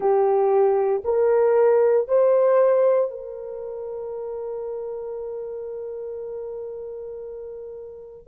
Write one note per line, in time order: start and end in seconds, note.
0.00 1.02 G4
1.04 2.07 A#4
2.08 3.10 C5
3.10 8.27 A#4